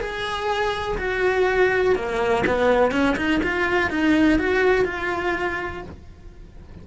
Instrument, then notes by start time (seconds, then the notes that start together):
cello
0.00 G#4
0.98 F#4
1.96 A#3
2.47 B3
2.92 C#4
3.16 D#4
3.43 F4
3.90 D#4
4.39 F#4
4.85 F4